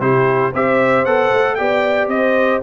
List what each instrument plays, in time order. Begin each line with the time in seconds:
0.00 tuba C3, trombone E4, horn G4, trumpet C5
0.52 tuba C4, trombone G4, horn C5, trumpet E5
1.05 tuba B3, trombone A4, trumpet F#5
1.33 tuba A3
1.55 tuba B3, trombone G4, horn D5, trumpet G5
2.07 tuba C4, horn C5, trumpet D#5